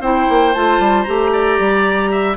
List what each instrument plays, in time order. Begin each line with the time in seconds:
0.00 bassoon C4, clarinet E4, oboe C5, flute G5
0.29 bassoon A#3
0.54 bassoon A3, clarinet F4, flute A5
0.79 bassoon G3
1.03 bassoon A3, clarinet G4, flute A#5
1.32 oboe D5
1.59 bassoon G3
2.11 oboe E5